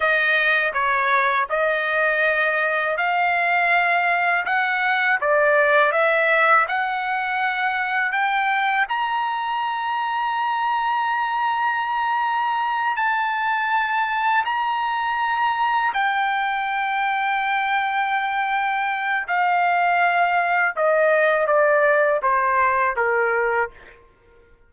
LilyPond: \new Staff \with { instrumentName = "trumpet" } { \time 4/4 \tempo 4 = 81 dis''4 cis''4 dis''2 | f''2 fis''4 d''4 | e''4 fis''2 g''4 | ais''1~ |
ais''4. a''2 ais''8~ | ais''4. g''2~ g''8~ | g''2 f''2 | dis''4 d''4 c''4 ais'4 | }